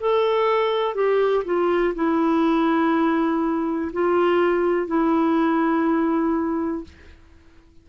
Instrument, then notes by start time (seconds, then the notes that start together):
clarinet
0.00 A4
0.95 G4
1.45 F4
1.95 E4
3.93 F4
4.87 E4